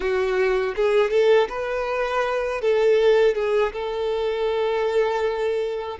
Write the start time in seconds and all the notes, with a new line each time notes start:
0.00 F#4
0.75 G#4
1.10 A4
1.49 B4
2.61 A4
3.34 G#4
3.73 A4